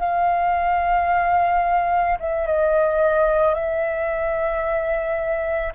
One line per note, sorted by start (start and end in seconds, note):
0.00 2.18 F5
2.20 2.47 E5
2.47 3.55 D#5
3.55 5.73 E5